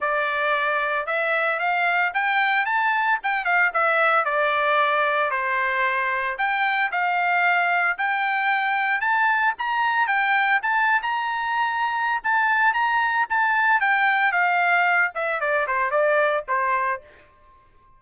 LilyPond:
\new Staff \with { instrumentName = "trumpet" } { \time 4/4 \tempo 4 = 113 d''2 e''4 f''4 | g''4 a''4 g''8 f''8 e''4 | d''2 c''2 | g''4 f''2 g''4~ |
g''4 a''4 ais''4 g''4 | a''8. ais''2~ ais''16 a''4 | ais''4 a''4 g''4 f''4~ | f''8 e''8 d''8 c''8 d''4 c''4 | }